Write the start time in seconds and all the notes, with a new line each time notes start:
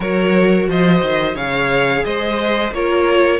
0.00 F#3 F#4 A#4 C#5
0.67 F3 C5 D#5
1.01 D#3
1.35 C#3 G#4 C#5 F5
2.04 G#3 C5 D#5
2.71 A#3 F4 A#4 C#5